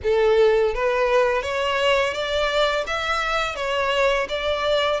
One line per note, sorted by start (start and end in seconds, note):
0.03 0.74 A4
0.74 1.42 B4
1.42 2.13 C#5
2.13 2.84 D5
2.86 3.55 E5
3.55 4.27 C#5
4.29 5.00 D5